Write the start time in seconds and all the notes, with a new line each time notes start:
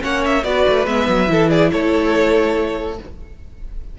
0.00 A#3 C#4 C#5 F#5
0.25 E5
0.44 B3 F#4 B4 D5
0.69 A3
0.87 G#3 B3 E5
1.09 F#3
1.27 E3 E4 A4
1.50 G#4 D5
1.72 A3 A4 C#5